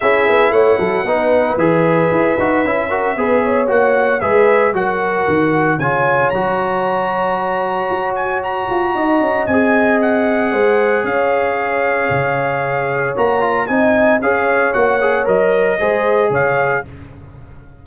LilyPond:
<<
  \new Staff \with { instrumentName = "trumpet" } { \time 4/4 \tempo 4 = 114 e''4 fis''2 e''4~ | e''2. fis''4 | e''4 fis''2 gis''4 | ais''2.~ ais''8 gis''8 |
ais''2 gis''4 fis''4~ | fis''4 f''2.~ | f''4 ais''4 gis''4 f''4 | fis''4 dis''2 f''4 | }
  \new Staff \with { instrumentName = "horn" } { \time 4/4 gis'4 cis''8 a'8 b'2~ | b'4. ais'8 b'8 cis''4. | b'4 ais'2 cis''4~ | cis''1~ |
cis''4 dis''2. | c''4 cis''2.~ | cis''2 dis''4 cis''4~ | cis''2 c''4 cis''4 | }
  \new Staff \with { instrumentName = "trombone" } { \time 4/4 e'2 dis'4 gis'4~ | gis'8 fis'8 e'8 fis'8 gis'4 fis'4 | gis'4 fis'2 f'4 | fis'1~ |
fis'2 gis'2~ | gis'1~ | gis'4 fis'8 f'8 dis'4 gis'4 | fis'8 gis'8 ais'4 gis'2 | }
  \new Staff \with { instrumentName = "tuba" } { \time 4/4 cis'8 b8 a8 fis8 b4 e4 | e'8 dis'8 cis'4 b4 ais4 | gis4 fis4 dis4 cis4 | fis2. fis'4~ |
fis'8 f'8 dis'8 cis'8 c'2 | gis4 cis'2 cis4~ | cis4 ais4 c'4 cis'4 | ais4 fis4 gis4 cis4 | }
>>